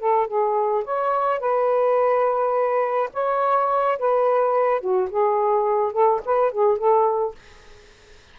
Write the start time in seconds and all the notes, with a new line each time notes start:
0.00 A4
0.28 G#4
0.85 C#5
1.40 B4
3.14 C#5
3.99 B4
4.81 F#4
5.10 G#4
5.93 A4
6.26 B4
6.52 G#4
6.78 A4